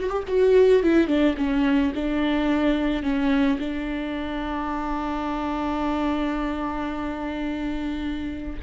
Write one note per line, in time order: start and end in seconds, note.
0.00 0.10 F#4
0.10 0.24 G4
0.28 0.83 F#4
0.83 1.08 E4
1.08 1.35 D4
1.37 1.93 C#4
1.95 3.03 D4
3.03 3.59 C#4
3.59 8.59 D4